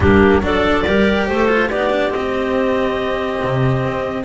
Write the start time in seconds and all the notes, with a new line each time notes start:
0.00 G3 A#3 D4 G4
0.41 F#3 D4 A4 D5
0.85 G3 G4 A#4
1.26 A3 A4 C5
1.48 F4
1.69 B3 D#4 G4 D5
1.90 D4
2.10 C4 D#5
3.44 C3
3.85 C4